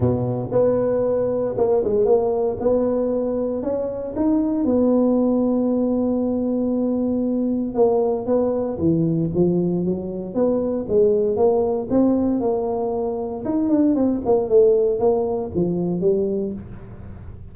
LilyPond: \new Staff \with { instrumentName = "tuba" } { \time 4/4 \tempo 4 = 116 b,4 b2 ais8 gis8 | ais4 b2 cis'4 | dis'4 b2.~ | b2. ais4 |
b4 e4 f4 fis4 | b4 gis4 ais4 c'4 | ais2 dis'8 d'8 c'8 ais8 | a4 ais4 f4 g4 | }